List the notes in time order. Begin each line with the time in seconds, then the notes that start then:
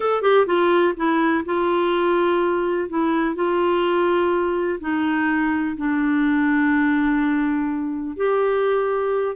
0.00 A4
0.21 G4
0.46 F4
0.96 E4
1.45 F4
2.89 E4
3.35 F4
4.80 D#4
5.76 D4
8.16 G4